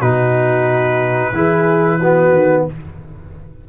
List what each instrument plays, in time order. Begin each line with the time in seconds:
0.00 tuba B2, trombone D#4, horn F#4, trumpet B4
1.33 tuba E3, trombone E4, horn G#4
1.99 trombone B3, horn F#4
2.31 tuba D#3